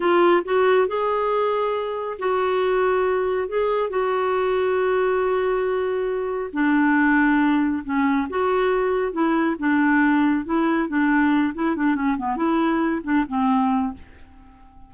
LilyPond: \new Staff \with { instrumentName = "clarinet" } { \time 4/4 \tempo 4 = 138 f'4 fis'4 gis'2~ | gis'4 fis'2. | gis'4 fis'2.~ | fis'2. d'4~ |
d'2 cis'4 fis'4~ | fis'4 e'4 d'2 | e'4 d'4. e'8 d'8 cis'8 | b8 e'4. d'8 c'4. | }